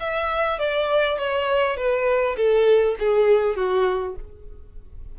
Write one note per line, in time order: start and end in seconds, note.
0.00 0.59 E5
0.59 1.19 D5
1.19 1.77 C#5
1.77 2.37 B4
2.37 2.96 A4
2.99 3.56 G#4
3.56 4.16 F#4